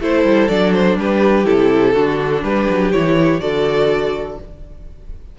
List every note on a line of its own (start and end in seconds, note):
0.00 0.24 A3
0.00 0.50 E4
0.00 0.98 A4
0.00 0.48 C5
0.24 0.49 G3
0.48 0.97 F#3
0.48 1.44 D4
0.48 0.73 D5
0.73 0.97 C5
0.97 1.46 G3
0.97 1.94 G4
0.97 1.46 B4
1.44 1.95 C3
1.44 1.93 E4
1.44 2.43 A4
1.94 2.43 D3
1.94 2.93 D4
1.94 2.43 F#4
2.43 2.68 G3
2.43 3.41 G4
2.43 2.92 B4
2.70 2.94 F#3
2.92 3.41 E3
2.92 3.39 E4
2.92 3.40 C#5
3.39 4.38 D3
3.39 4.37 F#4
3.39 4.39 A4
3.39 4.37 D5